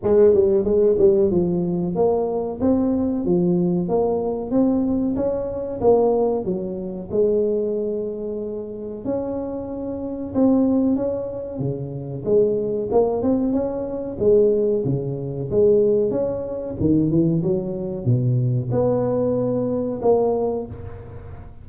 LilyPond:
\new Staff \with { instrumentName = "tuba" } { \time 4/4 \tempo 4 = 93 gis8 g8 gis8 g8 f4 ais4 | c'4 f4 ais4 c'4 | cis'4 ais4 fis4 gis4~ | gis2 cis'2 |
c'4 cis'4 cis4 gis4 | ais8 c'8 cis'4 gis4 cis4 | gis4 cis'4 dis8 e8 fis4 | b,4 b2 ais4 | }